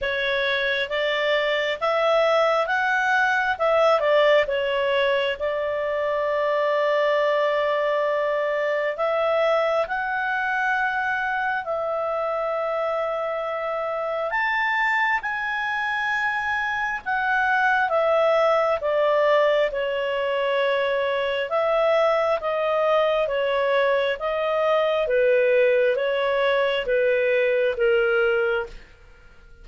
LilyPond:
\new Staff \with { instrumentName = "clarinet" } { \time 4/4 \tempo 4 = 67 cis''4 d''4 e''4 fis''4 | e''8 d''8 cis''4 d''2~ | d''2 e''4 fis''4~ | fis''4 e''2. |
a''4 gis''2 fis''4 | e''4 d''4 cis''2 | e''4 dis''4 cis''4 dis''4 | b'4 cis''4 b'4 ais'4 | }